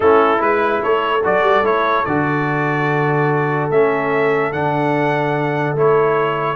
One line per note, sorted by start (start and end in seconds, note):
0.00 0.40 A3
0.00 0.37 C#4
0.00 0.81 E4
0.00 0.41 A4
0.37 0.81 G#3
0.37 1.19 E4
0.37 0.82 B4
0.82 1.24 A3
0.82 6.56 A4
0.82 1.24 C#5
1.24 1.42 F#3
1.24 1.64 F#4
1.24 1.65 D5
1.42 1.62 G3
1.63 2.04 A3
1.63 2.05 E4
1.63 2.05 C#5
2.05 3.70 D3
2.05 3.72 F#4
2.05 3.69 D5
3.70 4.52 A3
3.70 4.53 C#4
3.70 4.52 E5
4.52 5.75 D3
4.52 5.76 D4
4.52 5.75 F#5
5.75 6.56 A3
5.75 6.56 E4
5.75 6.56 C#5